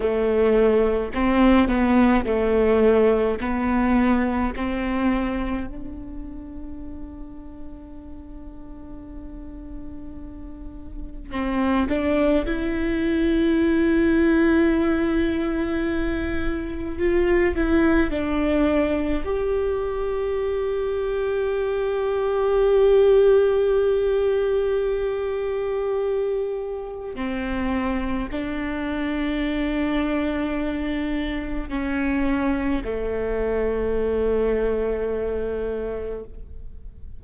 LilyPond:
\new Staff \with { instrumentName = "viola" } { \time 4/4 \tempo 4 = 53 a4 c'8 b8 a4 b4 | c'4 d'2.~ | d'2 c'8 d'8 e'4~ | e'2. f'8 e'8 |
d'4 g'2.~ | g'1 | c'4 d'2. | cis'4 a2. | }